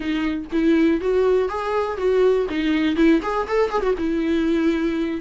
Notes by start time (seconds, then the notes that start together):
0.00 D#4
0.52 E4
1.00 F#4
1.49 G#4
1.97 F#4
2.49 D#4
2.96 E4
3.22 G#4
3.47 A4
3.69 G#4
3.82 F#4
3.97 E4